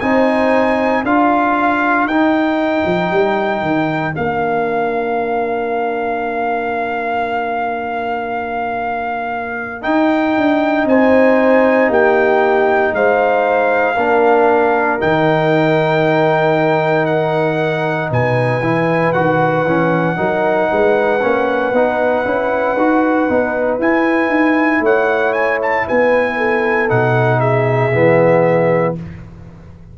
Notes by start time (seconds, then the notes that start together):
0.00 C4 D#4 C5 G#5
1.03 D4 F4 A#4 F5
2.05 D#4 G5
2.85 F3
3.10 G3
3.62 D#3
4.14 A#3 D4 F5
9.82 D#4 G5
10.37 D4
10.85 C4 C5 G#5
11.89 A#3 G4 G5
12.93 G#3 C5 F5
13.95 A#3 D4 A#4
14.99 D#3 D#4 G5
17.06 F#5
18.11 B2 B4 G#5
18.60 E3 E4
19.12 D#3 F#4 F#5
19.65 E3 C#4
20.16 F#3 D#4 A#4
20.71 G#3 B4
21.22 A#3 C#4
21.72 B3 D#4
22.25 C#4 E4
22.77 D#4 F#4
23.29 B3 D#4
23.79 E4 G#5
24.28 D#4
24.80 A3 C#5 F#5
25.33 G#5
25.62 A5
25.87 B3 B4 G#5
26.37 A4
26.88 B2 D#4 F#5
27.40 G#4 E5
27.92 E3 B3